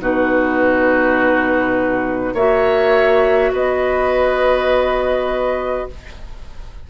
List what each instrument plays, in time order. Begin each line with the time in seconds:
0.00 bassoon B2, clarinet D#4, oboe F#4, flute B4
2.34 bassoon A#3, clarinet F#4, oboe C#5, flute E5
3.52 bassoon B3, oboe B4, flute D#5